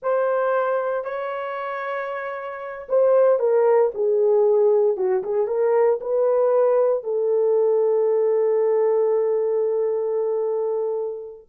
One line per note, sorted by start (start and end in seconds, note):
0.02 1.04 C5
1.04 2.87 C#5
2.88 3.39 C5
3.39 3.91 A#4
3.94 4.96 G#4
4.96 5.22 F#4
5.23 5.47 G#4
5.47 5.99 A#4
6.00 7.03 B4
7.03 11.47 A4